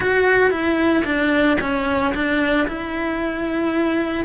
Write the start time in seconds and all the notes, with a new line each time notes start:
0.00 F#4
0.50 E4
1.05 D4
1.60 C#4
2.14 D4
2.67 E4